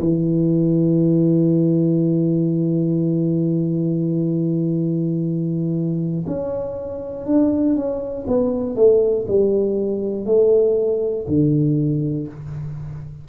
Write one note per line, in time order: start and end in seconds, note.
0.00 6.25 E3
6.26 7.26 C#4
7.26 7.76 D4
7.76 8.26 C#4
8.27 8.75 B3
8.75 9.25 A3
9.27 10.25 G3
10.25 11.25 A3
11.27 12.27 D3